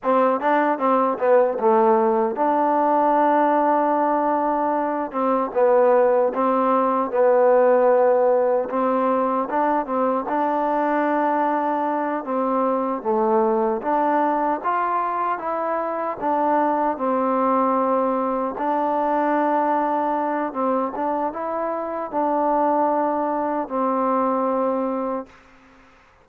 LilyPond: \new Staff \with { instrumentName = "trombone" } { \time 4/4 \tempo 4 = 76 c'8 d'8 c'8 b8 a4 d'4~ | d'2~ d'8 c'8 b4 | c'4 b2 c'4 | d'8 c'8 d'2~ d'8 c'8~ |
c'8 a4 d'4 f'4 e'8~ | e'8 d'4 c'2 d'8~ | d'2 c'8 d'8 e'4 | d'2 c'2 | }